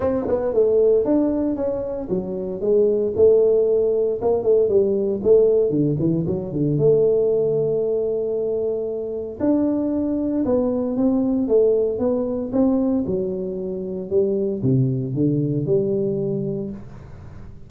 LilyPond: \new Staff \with { instrumentName = "tuba" } { \time 4/4 \tempo 4 = 115 c'8 b8 a4 d'4 cis'4 | fis4 gis4 a2 | ais8 a8 g4 a4 d8 e8 | fis8 d8 a2.~ |
a2 d'2 | b4 c'4 a4 b4 | c'4 fis2 g4 | c4 d4 g2 | }